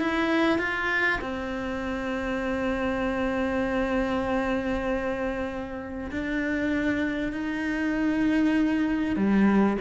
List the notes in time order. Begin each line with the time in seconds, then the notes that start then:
0.00 E4
0.59 F4
1.21 C4
6.11 D4
7.33 D#4
9.16 G3